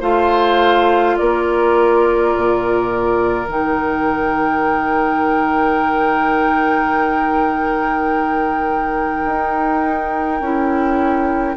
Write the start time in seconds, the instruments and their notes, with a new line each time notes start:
0.00 bassoon A3, clarinet F4, oboe C5, flute F5
1.17 bassoon A#3, oboe A#4, flute D5
2.36 bassoon A#2
3.47 bassoon D#3, clarinet D#4, flute G5
9.25 bassoon D#4
10.40 bassoon C#4, clarinet E4